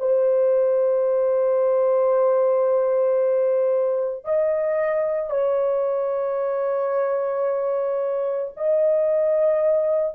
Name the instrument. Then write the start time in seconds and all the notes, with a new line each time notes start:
horn
0.00 C5
4.25 D#5
5.31 C#5
8.57 D#5